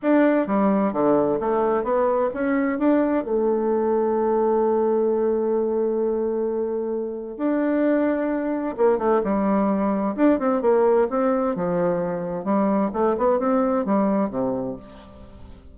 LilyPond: \new Staff \with { instrumentName = "bassoon" } { \time 4/4 \tempo 4 = 130 d'4 g4 d4 a4 | b4 cis'4 d'4 a4~ | a1~ | a1 |
d'2. ais8 a8 | g2 d'8 c'8 ais4 | c'4 f2 g4 | a8 b8 c'4 g4 c4 | }